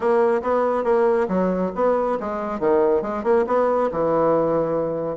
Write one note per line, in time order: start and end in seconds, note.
0.00 0.41 A#3
0.42 0.83 B3
0.83 1.27 A#3
1.28 1.71 F#3
1.75 2.18 B3
2.20 2.59 G#3
2.59 3.02 D#3
3.02 3.23 G#3
3.23 3.45 A#3
3.46 3.90 B3
3.91 5.17 E3